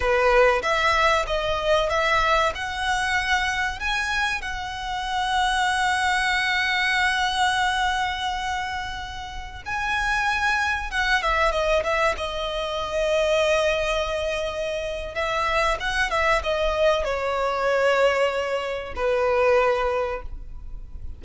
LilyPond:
\new Staff \with { instrumentName = "violin" } { \time 4/4 \tempo 4 = 95 b'4 e''4 dis''4 e''4 | fis''2 gis''4 fis''4~ | fis''1~ | fis''2.~ fis''16 gis''8.~ |
gis''4~ gis''16 fis''8 e''8 dis''8 e''8 dis''8.~ | dis''1 | e''4 fis''8 e''8 dis''4 cis''4~ | cis''2 b'2 | }